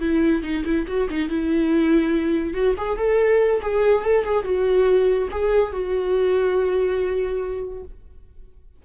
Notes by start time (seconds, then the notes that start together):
0.00 E4
0.42 D#4
0.64 E4
0.87 F#4
1.09 D#4
1.29 E4
2.53 F#4
2.77 G#4
2.97 A4
3.61 G#4
4.04 A4
4.24 G#4
4.44 F#4
5.31 G#4
5.72 F#4